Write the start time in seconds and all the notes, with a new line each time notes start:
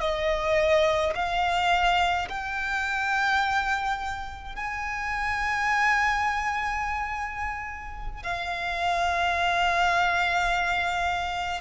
0.00 D#5
1.15 F5
2.29 G5
4.55 G#5
8.23 F5